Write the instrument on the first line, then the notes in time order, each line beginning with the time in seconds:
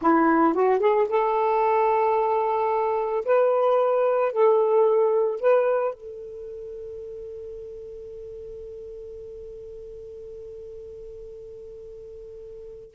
saxophone
0.01 E4
0.54 F#4
0.79 G#4
1.08 A4
3.25 B4
4.32 A4
5.40 B4
5.93 A4